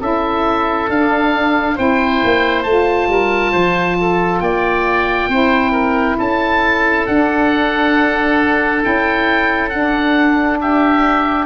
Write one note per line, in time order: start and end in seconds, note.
0.00 0.89 C#4
0.00 0.89 E4
0.00 1.76 A4
0.00 0.90 E5
0.89 1.78 D4
0.89 1.77 D4
0.89 1.78 F5
1.76 2.22 C4
1.76 2.65 E4
1.76 3.08 C5
1.76 2.63 G5
2.24 2.65 A#3
2.63 3.09 A3
2.63 5.31 F4
2.63 4.40 A5
3.09 3.53 G3
3.09 3.52 A#4
3.52 4.41 F3
3.52 3.96 C5
4.01 4.43 A4
4.40 5.29 A#3
4.40 5.30 D5
4.40 6.17 G5
5.29 6.17 C4
5.29 7.07 E4
5.29 5.72 C5
5.72 6.16 A#4
6.18 7.08 C#4
6.18 10.59 A4
6.18 7.07 A5
7.07 8.81 D4
7.07 8.84 D4
7.07 8.83 F#5
8.81 9.74 C#4
8.81 9.70 E4
8.81 9.70 G5
9.70 11.47 D4
9.70 10.58 F#5
10.61 11.47 G4
10.61 11.47 E5